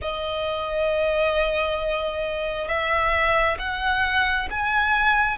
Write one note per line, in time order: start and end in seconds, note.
0.01 2.68 D#5
2.68 3.57 E5
3.59 4.48 F#5
4.50 5.37 G#5